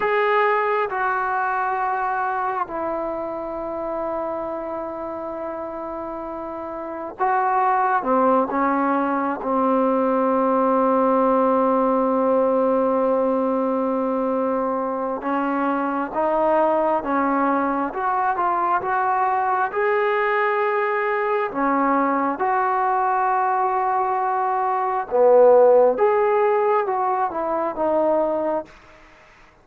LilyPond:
\new Staff \with { instrumentName = "trombone" } { \time 4/4 \tempo 4 = 67 gis'4 fis'2 e'4~ | e'1 | fis'4 c'8 cis'4 c'4.~ | c'1~ |
c'4 cis'4 dis'4 cis'4 | fis'8 f'8 fis'4 gis'2 | cis'4 fis'2. | b4 gis'4 fis'8 e'8 dis'4 | }